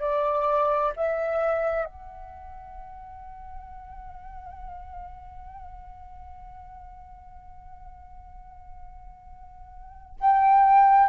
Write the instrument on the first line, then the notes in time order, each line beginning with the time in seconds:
flute
0.00 D5
0.96 E5
1.85 F#5
10.20 G5